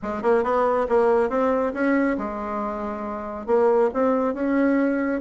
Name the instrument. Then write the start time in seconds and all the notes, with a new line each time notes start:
bassoon
0.02 G#3
0.22 A#3
0.43 B3
0.89 A#3
1.29 C4
1.73 C#4
2.17 G#3
3.46 A#3
3.93 C4
4.34 C#4